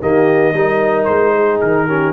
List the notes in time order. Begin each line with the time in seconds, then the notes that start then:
0.00 D#3 A#3 G4 D#5
0.53 G3 D#4 A#4
1.04 G#3 C5
1.34 G#4
1.60 D#3 A#4
1.87 C#4 G4